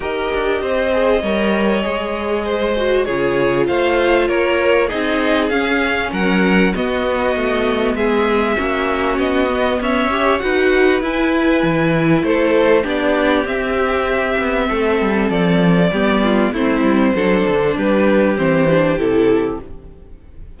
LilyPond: <<
  \new Staff \with { instrumentName = "violin" } { \time 4/4 \tempo 4 = 98 dis''1~ | dis''4 cis''4 f''4 cis''4 | dis''4 f''4 fis''4 dis''4~ | dis''4 e''2 dis''4 |
e''4 fis''4 gis''2 | c''4 d''4 e''2~ | e''4 d''2 c''4~ | c''4 b'4 c''4 a'4 | }
  \new Staff \with { instrumentName = "violin" } { \time 4/4 ais'4 c''4 cis''2 | c''4 gis'4 c''4 ais'4 | gis'2 ais'4 fis'4~ | fis'4 gis'4 fis'2 |
cis''4 b'2. | a'4 g'2. | a'2 g'8 f'8 e'4 | a'4 g'2. | }
  \new Staff \with { instrumentName = "viola" } { \time 4/4 g'4. gis'8 ais'4 gis'4~ | gis'8 fis'8 f'2. | dis'4 cis'2 b4~ | b2 cis'4. b8~ |
b8 g'8 fis'4 e'2~ | e'4 d'4 c'2~ | c'2 b4 c'4 | d'2 c'8 d'8 e'4 | }
  \new Staff \with { instrumentName = "cello" } { \time 4/4 dis'8 d'8 c'4 g4 gis4~ | gis4 cis4 a4 ais4 | c'4 cis'4 fis4 b4 | a4 gis4 ais4 b4 |
cis'4 dis'4 e'4 e4 | a4 b4 c'4. b8 | a8 g8 f4 g4 a8 g8 | fis8 d8 g4 e4 c4 | }
>>